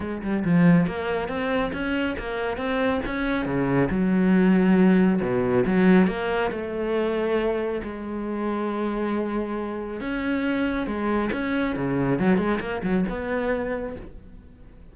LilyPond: \new Staff \with { instrumentName = "cello" } { \time 4/4 \tempo 4 = 138 gis8 g8 f4 ais4 c'4 | cis'4 ais4 c'4 cis'4 | cis4 fis2. | b,4 fis4 ais4 a4~ |
a2 gis2~ | gis2. cis'4~ | cis'4 gis4 cis'4 cis4 | fis8 gis8 ais8 fis8 b2 | }